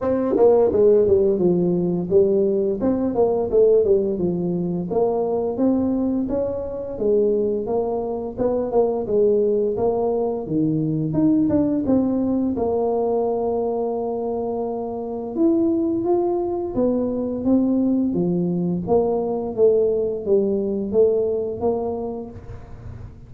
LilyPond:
\new Staff \with { instrumentName = "tuba" } { \time 4/4 \tempo 4 = 86 c'8 ais8 gis8 g8 f4 g4 | c'8 ais8 a8 g8 f4 ais4 | c'4 cis'4 gis4 ais4 | b8 ais8 gis4 ais4 dis4 |
dis'8 d'8 c'4 ais2~ | ais2 e'4 f'4 | b4 c'4 f4 ais4 | a4 g4 a4 ais4 | }